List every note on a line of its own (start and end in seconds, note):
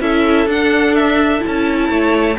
0.00 0.46 C#4
0.00 0.48 E4
0.00 1.90 A4
0.00 0.48 E5
0.46 1.41 D4
0.46 1.39 D4
0.46 0.95 F#5
0.95 1.42 E5
1.39 2.34 E4
1.47 1.89 C#4
1.47 2.38 A5
1.89 2.37 A3
1.89 2.37 C#5